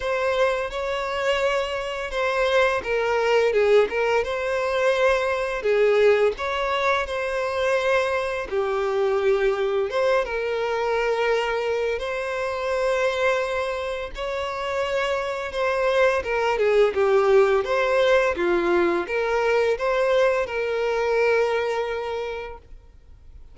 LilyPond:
\new Staff \with { instrumentName = "violin" } { \time 4/4 \tempo 4 = 85 c''4 cis''2 c''4 | ais'4 gis'8 ais'8 c''2 | gis'4 cis''4 c''2 | g'2 c''8 ais'4.~ |
ais'4 c''2. | cis''2 c''4 ais'8 gis'8 | g'4 c''4 f'4 ais'4 | c''4 ais'2. | }